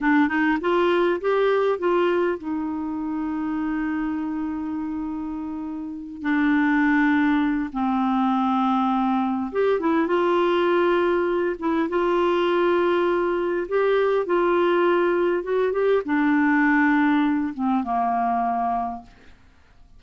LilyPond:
\new Staff \with { instrumentName = "clarinet" } { \time 4/4 \tempo 4 = 101 d'8 dis'8 f'4 g'4 f'4 | dis'1~ | dis'2~ dis'8 d'4.~ | d'4 c'2. |
g'8 e'8 f'2~ f'8 e'8 | f'2. g'4 | f'2 fis'8 g'8 d'4~ | d'4. c'8 ais2 | }